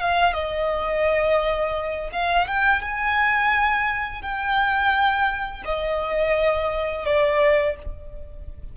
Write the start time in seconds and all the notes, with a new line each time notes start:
0.00 F5
0.33 D#5
2.12 F5
2.47 G5
2.82 G#5
4.22 G5
5.65 D#5
7.05 D5